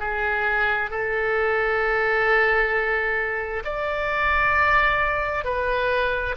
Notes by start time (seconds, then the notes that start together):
0.00 G#4
0.91 A4
3.64 D5
5.45 B4